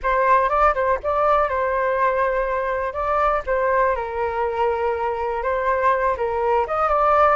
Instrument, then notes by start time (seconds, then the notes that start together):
flute
0.02 C5
0.49 D5
0.74 C5
1.03 D5
1.48 C5
2.93 D5
3.46 C5
3.95 A#4
5.42 C5
6.17 A#4
6.67 D#5
6.88 D5